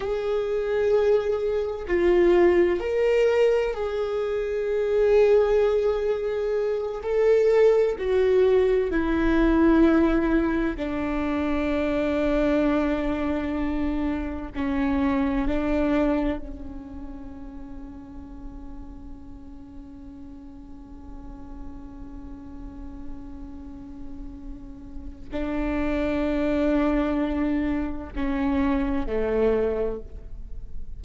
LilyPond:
\new Staff \with { instrumentName = "viola" } { \time 4/4 \tempo 4 = 64 gis'2 f'4 ais'4 | gis'2.~ gis'8 a'8~ | a'8 fis'4 e'2 d'8~ | d'2.~ d'8 cis'8~ |
cis'8 d'4 cis'2~ cis'8~ | cis'1~ | cis'2. d'4~ | d'2 cis'4 a4 | }